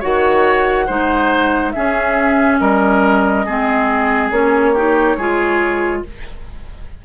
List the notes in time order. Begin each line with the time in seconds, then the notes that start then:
0.00 D#3 F#4 C#5 F#5
0.87 G#3 D#4 C5
1.72 C#4 G#4 E5
2.59 G3 A#4 D#5
3.46 G#3 C4 G#4
4.31 A#3 C#4 C#5
4.74 D#4 G4
5.18 G#3 F4 G#4